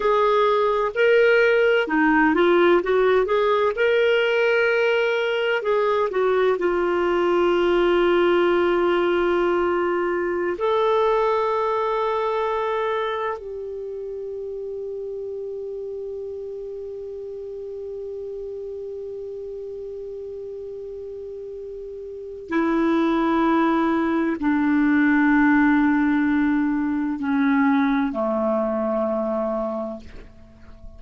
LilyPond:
\new Staff \with { instrumentName = "clarinet" } { \time 4/4 \tempo 4 = 64 gis'4 ais'4 dis'8 f'8 fis'8 gis'8 | ais'2 gis'8 fis'8 f'4~ | f'2.~ f'16 a'8.~ | a'2~ a'16 g'4.~ g'16~ |
g'1~ | g'1 | e'2 d'2~ | d'4 cis'4 a2 | }